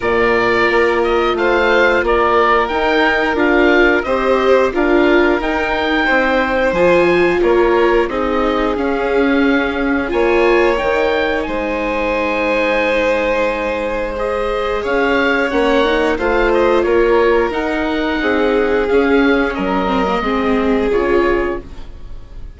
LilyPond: <<
  \new Staff \with { instrumentName = "oboe" } { \time 4/4 \tempo 4 = 89 d''4. dis''8 f''4 d''4 | g''4 f''4 dis''4 f''4 | g''2 gis''4 cis''4 | dis''4 f''2 gis''4 |
g''4 gis''2.~ | gis''4 dis''4 f''4 fis''4 | f''8 dis''8 cis''4 fis''2 | f''4 dis''2 cis''4 | }
  \new Staff \with { instrumentName = "violin" } { \time 4/4 ais'2 c''4 ais'4~ | ais'2 c''4 ais'4~ | ais'4 c''2 ais'4 | gis'2. cis''4~ |
cis''4 c''2.~ | c''2 cis''2 | c''4 ais'2 gis'4~ | gis'4 ais'4 gis'2 | }
  \new Staff \with { instrumentName = "viola" } { \time 4/4 f'1 | dis'4 f'4 g'4 f'4 | dis'2 f'2 | dis'4 cis'2 f'4 |
dis'1~ | dis'4 gis'2 cis'8 dis'8 | f'2 dis'2 | cis'4. c'16 ais16 c'4 f'4 | }
  \new Staff \with { instrumentName = "bassoon" } { \time 4/4 ais,4 ais4 a4 ais4 | dis'4 d'4 c'4 d'4 | dis'4 c'4 f4 ais4 | c'4 cis'2 ais4 |
dis4 gis2.~ | gis2 cis'4 ais4 | a4 ais4 dis'4 c'4 | cis'4 fis4 gis4 cis4 | }
>>